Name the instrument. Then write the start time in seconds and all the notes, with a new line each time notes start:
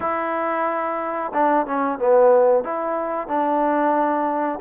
trombone
0.00 E4
1.33 D4
1.66 C#4
1.98 B3
2.64 E4
3.27 D4